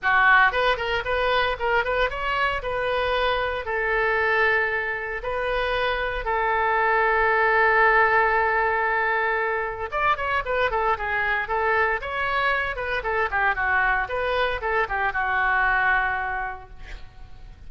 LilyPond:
\new Staff \with { instrumentName = "oboe" } { \time 4/4 \tempo 4 = 115 fis'4 b'8 ais'8 b'4 ais'8 b'8 | cis''4 b'2 a'4~ | a'2 b'2 | a'1~ |
a'2. d''8 cis''8 | b'8 a'8 gis'4 a'4 cis''4~ | cis''8 b'8 a'8 g'8 fis'4 b'4 | a'8 g'8 fis'2. | }